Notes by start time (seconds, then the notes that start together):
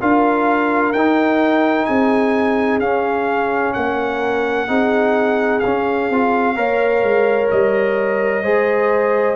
0.00 D4 F4 A#4 F5
0.92 D#4 G5
1.85 C4 G#4 G#5
2.79 C#4 F5
3.73 A#3 A#4 F#5
4.68 C4 D#4 G#4
5.59 C#4 F5
5.66 C#4
6.10 C4 F4
6.56 A#3 A#4 C#5
7.03 G#3
7.51 G3 D#5
8.43 G#3 G#4 C5